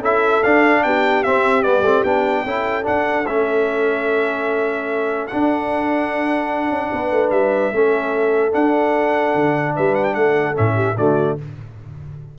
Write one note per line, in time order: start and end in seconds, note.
0.00 0.41 C#4
0.00 0.43 E4
0.00 0.82 A4
0.00 0.43 E5
0.43 0.85 D4
0.43 1.25 D4
0.43 0.83 F5
0.83 1.25 B3
0.83 2.45 G4
0.83 1.23 G5
1.23 1.63 C4
1.23 1.66 C4
1.23 1.63 E5
1.63 1.82 G3
1.63 1.83 B3
1.63 2.03 D5
1.82 2.02 A3
1.82 2.05 C4
2.04 2.44 B3
2.04 2.46 D4
2.04 2.85 G5
2.45 2.86 C#4
2.45 2.83 E4
2.45 6.91 A4
2.83 3.24 D4
2.83 3.26 D4
2.83 3.27 F#5
3.26 5.29 A3
3.26 5.31 C#4
3.26 5.27 E5
5.27 7.73 D4
5.27 6.70 D4
5.27 7.30 F#5
6.70 6.90 C#4
6.93 7.11 B3
6.93 7.75 B4
7.11 7.31 A3
7.31 7.71 G3
7.31 8.52 E5
7.73 8.54 A3
7.73 8.52 C#4
7.73 9.76 A4
8.52 10.54 D4
8.52 9.35 D4
8.52 9.75 F#5
9.35 9.76 D3
9.76 10.16 G3
9.76 10.16 B4
9.76 9.95 E5
9.95 10.04 F#5
10.04 10.14 G5
10.14 10.56 A3
10.14 10.75 A4
10.14 10.55 F#5
10.55 10.97 A2
10.55 10.95 C#4
10.55 10.97 E5
10.75 10.95 G4
10.97 11.38 D3
10.97 11.39 A3
10.97 11.39 F#4
10.97 11.38 D5